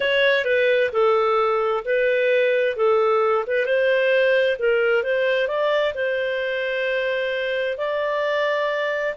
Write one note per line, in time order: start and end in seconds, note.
0.00 0.45 C#5
0.45 0.90 B4
0.92 1.84 A4
1.84 2.76 B4
2.76 3.45 A4
3.46 3.65 B4
3.65 4.57 C5
4.58 5.03 A#4
5.03 5.47 C5
5.47 5.93 D5
5.94 7.77 C5
7.77 9.15 D5